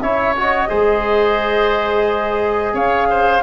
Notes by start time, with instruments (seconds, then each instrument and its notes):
0.00 tuba C#4, trombone E4, oboe C#5, flute E5
0.37 trombone F#4, flute D#5
0.69 tuba G#3, trombone G#4, oboe C5
2.74 tuba C#4, oboe C#5, flute F5
3.10 oboe C5